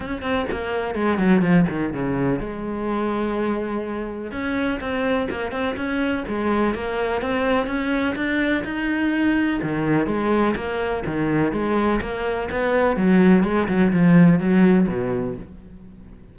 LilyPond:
\new Staff \with { instrumentName = "cello" } { \time 4/4 \tempo 4 = 125 cis'8 c'8 ais4 gis8 fis8 f8 dis8 | cis4 gis2.~ | gis4 cis'4 c'4 ais8 c'8 | cis'4 gis4 ais4 c'4 |
cis'4 d'4 dis'2 | dis4 gis4 ais4 dis4 | gis4 ais4 b4 fis4 | gis8 fis8 f4 fis4 b,4 | }